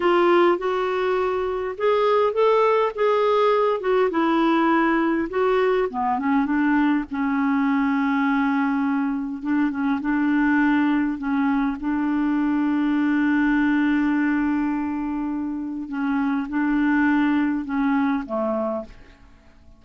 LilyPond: \new Staff \with { instrumentName = "clarinet" } { \time 4/4 \tempo 4 = 102 f'4 fis'2 gis'4 | a'4 gis'4. fis'8 e'4~ | e'4 fis'4 b8 cis'8 d'4 | cis'1 |
d'8 cis'8 d'2 cis'4 | d'1~ | d'2. cis'4 | d'2 cis'4 a4 | }